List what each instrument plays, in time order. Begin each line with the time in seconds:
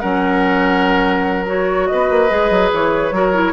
0.00 bassoon F#3, clarinet C#4, oboe A#4, flute F#5
1.47 clarinet F#4, flute C#5
1.87 bassoon B3, oboe B4, flute D#5
2.10 bassoon A#3
2.29 bassoon G#3, clarinet G#4
2.51 bassoon F#3
2.73 bassoon E3, flute C#5
3.12 bassoon F#3, clarinet F#4, oboe A#4
3.34 clarinet E4